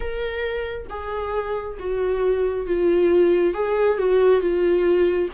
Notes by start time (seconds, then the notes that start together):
0.00 A#4
0.89 G#4
1.79 F#4
2.66 F4
3.53 G#4
3.97 F#4
4.40 F4